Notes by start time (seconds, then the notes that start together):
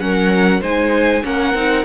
0.00 F#3 C#4 A#4 F#5
0.61 G#3 D#4 C5 G#5
1.24 A#3 C#4 A#4 F#5
1.55 C4 D#4